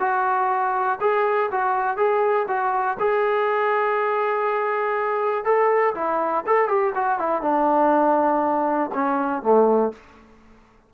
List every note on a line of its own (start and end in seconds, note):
0.00 0.99 F#4
1.01 1.50 G#4
1.51 1.97 F#4
1.97 2.47 G#4
2.48 2.97 F#4
2.99 5.45 G#4
5.45 5.94 A4
5.95 6.44 E4
6.46 6.68 A4
6.68 6.93 G4
6.95 7.19 F#4
7.19 7.42 E4
7.42 8.91 D4
8.94 9.43 C#4
9.43 9.92 A3